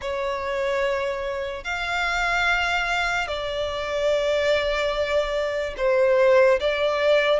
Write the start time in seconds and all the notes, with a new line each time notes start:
0.01 C#5
1.64 F5
3.27 D5
5.77 C5
6.59 D5